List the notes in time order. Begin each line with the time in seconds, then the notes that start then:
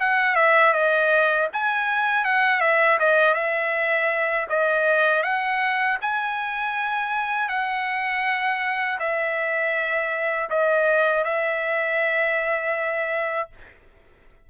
0.00 F#5
0.35 E5
0.73 D#5
1.53 G#5
2.25 F#5
2.61 E5
3.00 D#5
3.34 E5
4.50 D#5
5.23 F#5
6.02 G#5
7.49 F#5
9.00 E5
10.50 D#5
11.25 E5